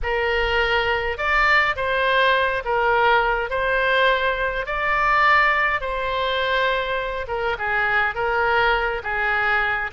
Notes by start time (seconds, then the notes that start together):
0.02 A#4
1.17 D5
1.76 C5
2.65 A#4
3.50 C5
4.65 D5
5.80 C5
7.27 A#4
7.58 G#4
8.14 A#4
9.03 G#4